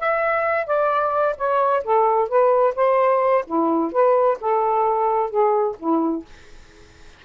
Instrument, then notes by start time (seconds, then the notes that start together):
saxophone
0.00 E5
0.67 D5
1.38 C#5
1.84 A4
2.29 B4
2.76 C5
3.47 E4
3.93 B4
4.41 A4
5.30 G#4
5.79 E4